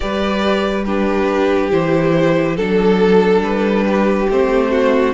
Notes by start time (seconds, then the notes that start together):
0.00 G3 G4 B4 D5
0.84 D4 G4 B4
1.71 E3 E4 C5
2.56 F#3 D4 A4
3.41 G3 B4
3.87 G4
4.29 A3 C4 C5
4.71 F#4